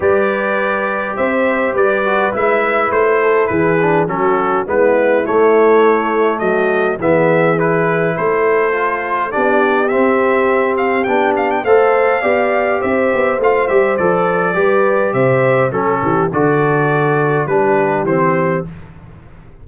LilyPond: <<
  \new Staff \with { instrumentName = "trumpet" } { \time 4/4 \tempo 4 = 103 d''2 e''4 d''4 | e''4 c''4 b'4 a'4 | b'4 cis''2 dis''4 | e''4 b'4 c''2 |
d''4 e''4. f''8 g''8 f''16 g''16 | f''2 e''4 f''8 e''8 | d''2 e''4 a'4 | d''2 b'4 c''4 | }
  \new Staff \with { instrumentName = "horn" } { \time 4/4 b'2 c''4 b'4~ | b'4. a'8 gis'4 fis'4 | e'2. fis'4 | gis'2 a'2 |
g'1 | c''4 d''4 c''2~ | c''4 b'4 c''4 a'8 g'8 | a'2 g'2 | }
  \new Staff \with { instrumentName = "trombone" } { \time 4/4 g'2.~ g'8 fis'8 | e'2~ e'8 d'8 cis'4 | b4 a2. | b4 e'2 f'4 |
d'4 c'2 d'4 | a'4 g'2 f'8 g'8 | a'4 g'2 cis'4 | fis'2 d'4 c'4 | }
  \new Staff \with { instrumentName = "tuba" } { \time 4/4 g2 c'4 g4 | gis4 a4 e4 fis4 | gis4 a2 fis4 | e2 a2 |
b4 c'2 b4 | a4 b4 c'8 b8 a8 g8 | f4 g4 c4 fis8 e8 | d2 g4 e4 | }
>>